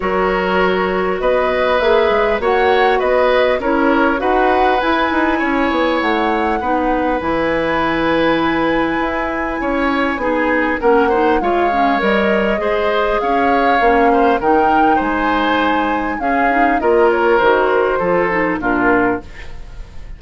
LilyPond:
<<
  \new Staff \with { instrumentName = "flute" } { \time 4/4 \tempo 4 = 100 cis''2 dis''4 e''4 | fis''4 dis''4 cis''4 fis''4 | gis''2 fis''2 | gis''1~ |
gis''2 fis''4 f''4 | dis''2 f''2 | g''4 gis''2 f''4 | dis''8 cis''8 c''2 ais'4 | }
  \new Staff \with { instrumentName = "oboe" } { \time 4/4 ais'2 b'2 | cis''4 b'4 ais'4 b'4~ | b'4 cis''2 b'4~ | b'1 |
cis''4 gis'4 ais'8 c''8 cis''4~ | cis''4 c''4 cis''4. c''8 | ais'4 c''2 gis'4 | ais'2 a'4 f'4 | }
  \new Staff \with { instrumentName = "clarinet" } { \time 4/4 fis'2. gis'4 | fis'2 e'4 fis'4 | e'2. dis'4 | e'1~ |
e'4 dis'4 cis'8 dis'8 f'8 cis'8 | ais'4 gis'2 cis'4 | dis'2. cis'8 dis'8 | f'4 fis'4 f'8 dis'8 d'4 | }
  \new Staff \with { instrumentName = "bassoon" } { \time 4/4 fis2 b4 ais8 gis8 | ais4 b4 cis'4 dis'4 | e'8 dis'8 cis'8 b8 a4 b4 | e2. e'4 |
cis'4 b4 ais4 gis4 | g4 gis4 cis'4 ais4 | dis4 gis2 cis'4 | ais4 dis4 f4 ais,4 | }
>>